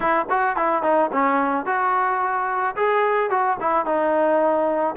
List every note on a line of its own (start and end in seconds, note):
0.00 0.26 E4
0.29 0.56 F#4
0.56 0.82 E4
0.82 1.10 D#4
1.12 1.65 C#4
1.65 2.75 F#4
2.76 3.30 G#4
3.30 3.57 F#4
3.60 3.85 E4
3.85 4.95 D#4